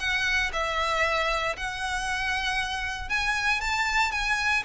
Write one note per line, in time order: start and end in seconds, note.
0.00 0.52 F#5
0.53 1.57 E5
1.57 3.09 F#5
3.09 3.61 G#5
3.61 4.12 A5
4.12 4.64 G#5